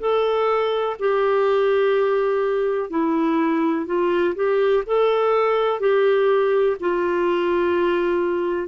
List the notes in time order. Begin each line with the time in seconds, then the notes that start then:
0.00 A4
0.99 G4
2.90 E4
3.86 F4
4.35 G4
4.87 A4
5.80 G4
6.80 F4